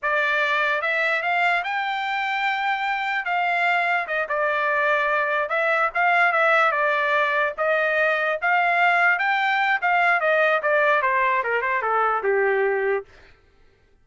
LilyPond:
\new Staff \with { instrumentName = "trumpet" } { \time 4/4 \tempo 4 = 147 d''2 e''4 f''4 | g''1 | f''2 dis''8 d''4.~ | d''4. e''4 f''4 e''8~ |
e''8 d''2 dis''4.~ | dis''8 f''2 g''4. | f''4 dis''4 d''4 c''4 | ais'8 c''8 a'4 g'2 | }